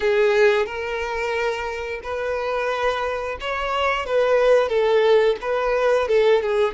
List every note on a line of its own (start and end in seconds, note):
0.00 0.66 G#4
0.66 2.00 A#4
2.03 3.38 B4
3.40 4.06 C#5
4.06 4.69 B4
4.69 5.36 A4
5.41 6.08 B4
6.08 6.41 A4
6.41 6.74 G#4